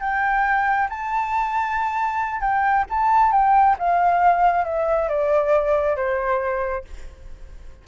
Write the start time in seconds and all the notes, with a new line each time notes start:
0.00 G5
0.89 A5
2.40 G5
2.90 A5
3.32 G5
3.78 F5
4.65 E5
5.08 D5
5.96 C5